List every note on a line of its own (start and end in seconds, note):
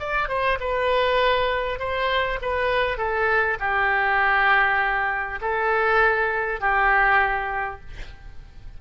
0.00 0.29 D5
0.29 0.59 C5
0.61 1.80 B4
1.80 2.40 C5
2.42 2.98 B4
2.98 3.58 A4
3.60 5.40 G4
5.41 6.61 A4
6.61 7.81 G4